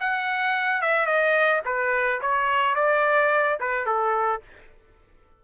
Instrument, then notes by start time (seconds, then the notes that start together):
trumpet
0.00 F#5
0.82 E5
1.06 D#5
1.65 B4
2.21 C#5
2.76 D5
3.60 B4
3.86 A4